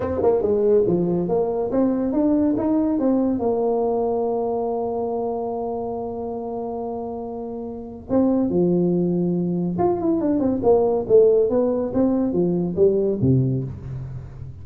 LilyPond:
\new Staff \with { instrumentName = "tuba" } { \time 4/4 \tempo 4 = 141 c'8 ais8 gis4 f4 ais4 | c'4 d'4 dis'4 c'4 | ais1~ | ais1~ |
ais2. c'4 | f2. f'8 e'8 | d'8 c'8 ais4 a4 b4 | c'4 f4 g4 c4 | }